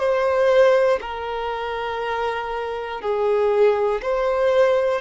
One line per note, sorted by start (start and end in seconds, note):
0.00 1.00 C5
1.02 3.01 A#4
3.01 4.01 G#4
4.03 5.02 C5